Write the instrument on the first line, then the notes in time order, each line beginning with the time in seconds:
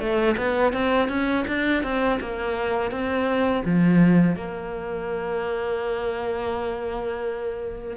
cello
0.00 A3
0.38 B3
0.73 C4
1.09 C#4
1.48 D4
1.84 C4
2.21 A#3
2.91 C4
3.66 F3
4.36 A#3